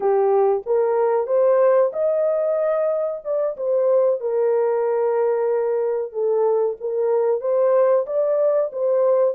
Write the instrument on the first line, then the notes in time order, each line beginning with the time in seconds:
horn
0.00 G4
0.65 A#4
1.26 C5
1.92 D#5
3.24 D5
3.56 C5
4.20 A#4
6.12 A4
6.80 A#4
7.40 C5
8.06 D5
8.72 C5